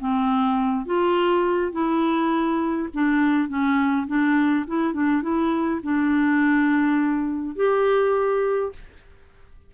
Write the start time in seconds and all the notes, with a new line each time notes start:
0.00 C4
0.86 F4
1.72 E4
2.94 D4
3.48 C#4
4.07 D4
4.67 E4
4.93 D4
5.22 E4
5.83 D4
7.56 G4